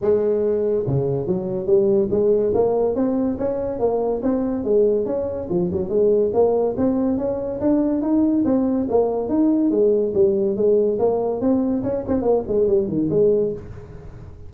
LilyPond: \new Staff \with { instrumentName = "tuba" } { \time 4/4 \tempo 4 = 142 gis2 cis4 fis4 | g4 gis4 ais4 c'4 | cis'4 ais4 c'4 gis4 | cis'4 f8 fis8 gis4 ais4 |
c'4 cis'4 d'4 dis'4 | c'4 ais4 dis'4 gis4 | g4 gis4 ais4 c'4 | cis'8 c'8 ais8 gis8 g8 dis8 gis4 | }